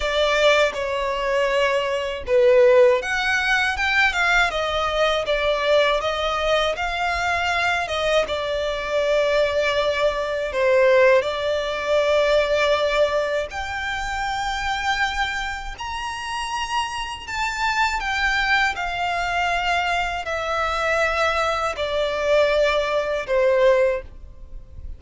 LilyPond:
\new Staff \with { instrumentName = "violin" } { \time 4/4 \tempo 4 = 80 d''4 cis''2 b'4 | fis''4 g''8 f''8 dis''4 d''4 | dis''4 f''4. dis''8 d''4~ | d''2 c''4 d''4~ |
d''2 g''2~ | g''4 ais''2 a''4 | g''4 f''2 e''4~ | e''4 d''2 c''4 | }